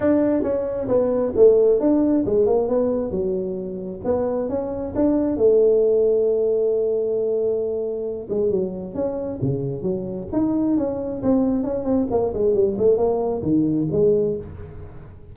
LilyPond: \new Staff \with { instrumentName = "tuba" } { \time 4/4 \tempo 4 = 134 d'4 cis'4 b4 a4 | d'4 gis8 ais8 b4 fis4~ | fis4 b4 cis'4 d'4 | a1~ |
a2~ a8 gis8 fis4 | cis'4 cis4 fis4 dis'4 | cis'4 c'4 cis'8 c'8 ais8 gis8 | g8 a8 ais4 dis4 gis4 | }